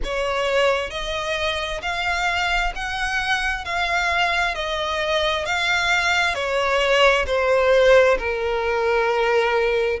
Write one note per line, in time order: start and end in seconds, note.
0.03 0.90 C#5
0.90 1.81 D#5
1.82 2.73 F5
2.75 3.64 F#5
3.64 4.55 F5
4.55 5.45 D#5
5.45 6.34 F5
6.34 7.25 C#5
7.26 8.17 C5
8.18 10.00 A#4